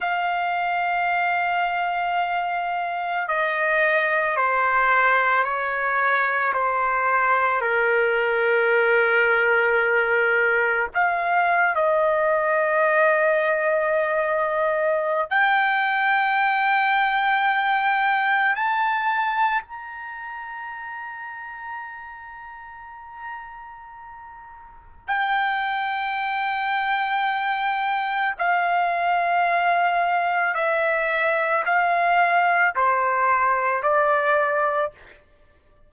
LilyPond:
\new Staff \with { instrumentName = "trumpet" } { \time 4/4 \tempo 4 = 55 f''2. dis''4 | c''4 cis''4 c''4 ais'4~ | ais'2 f''8. dis''4~ dis''16~ | dis''2 g''2~ |
g''4 a''4 ais''2~ | ais''2. g''4~ | g''2 f''2 | e''4 f''4 c''4 d''4 | }